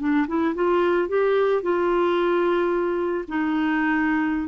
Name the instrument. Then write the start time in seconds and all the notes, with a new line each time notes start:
clarinet
0.00 D4
0.28 E4
0.55 F4
1.09 G4
1.63 F4
3.28 D#4